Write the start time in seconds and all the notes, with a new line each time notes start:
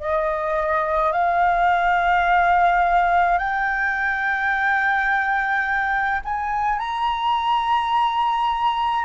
0.00 D#5
1.12 F5
3.38 G5
6.25 G#5
6.79 A#5